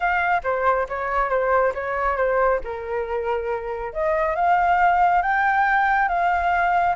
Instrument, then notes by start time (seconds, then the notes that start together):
flute
0.00 F5
0.43 C5
0.88 C#5
1.29 C5
1.74 C#5
2.16 C5
2.63 A#4
3.93 D#5
4.35 F5
5.22 G5
6.08 F5